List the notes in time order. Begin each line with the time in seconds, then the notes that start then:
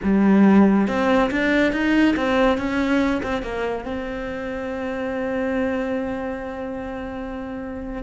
0.03 G3
0.87 C4
1.31 D4
1.72 D#4
2.16 C4
2.57 C#4
3.22 C4
3.42 A#3
3.85 C4